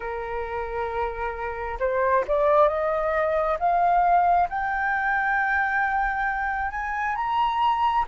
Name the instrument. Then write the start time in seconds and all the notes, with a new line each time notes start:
flute
0.00 A#4
1.79 C5
2.27 D5
2.68 D#5
3.59 F5
4.49 G5
6.71 G#5
7.15 A#5